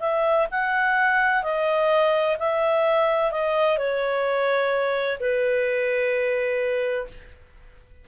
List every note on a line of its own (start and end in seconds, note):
0.00 0.47 E5
0.51 1.43 F#5
1.43 2.37 D#5
2.39 3.32 E5
3.32 3.78 D#5
3.78 5.19 C#5
5.20 7.07 B4